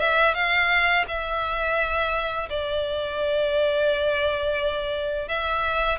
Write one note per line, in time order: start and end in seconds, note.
0.00 0.34 E5
0.34 1.05 F5
1.08 2.49 E5
2.50 5.28 D5
5.28 5.99 E5